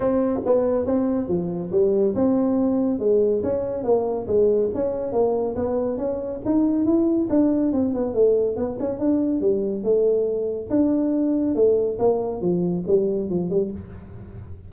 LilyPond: \new Staff \with { instrumentName = "tuba" } { \time 4/4 \tempo 4 = 140 c'4 b4 c'4 f4 | g4 c'2 gis4 | cis'4 ais4 gis4 cis'4 | ais4 b4 cis'4 dis'4 |
e'4 d'4 c'8 b8 a4 | b8 cis'8 d'4 g4 a4~ | a4 d'2 a4 | ais4 f4 g4 f8 g8 | }